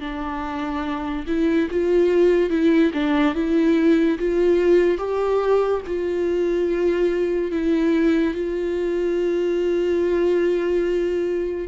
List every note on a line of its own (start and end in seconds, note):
0.00 1.25 D4
1.27 1.68 E4
1.70 2.49 F4
2.49 2.91 E4
2.93 3.34 D4
3.34 4.18 E4
4.19 4.97 F4
4.97 5.81 G4
5.86 7.51 F4
7.51 8.34 E4
8.34 11.67 F4